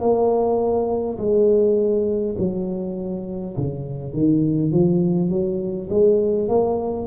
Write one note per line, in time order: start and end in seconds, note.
0.00 1.18 A#3
1.18 2.35 G#3
2.39 3.56 F#3
3.57 4.13 C#3
4.13 4.72 D#3
4.72 5.29 F3
5.29 5.88 F#3
5.89 6.48 G#3
6.48 7.07 A#3